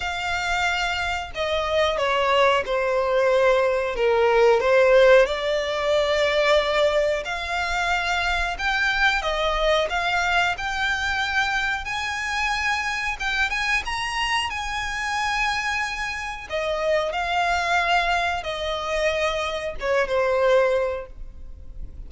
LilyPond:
\new Staff \with { instrumentName = "violin" } { \time 4/4 \tempo 4 = 91 f''2 dis''4 cis''4 | c''2 ais'4 c''4 | d''2. f''4~ | f''4 g''4 dis''4 f''4 |
g''2 gis''2 | g''8 gis''8 ais''4 gis''2~ | gis''4 dis''4 f''2 | dis''2 cis''8 c''4. | }